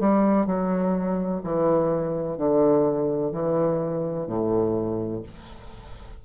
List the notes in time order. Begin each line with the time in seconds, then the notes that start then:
0.00 G3
0.47 F#3
1.44 E3
2.38 D3
3.32 E3
4.28 A2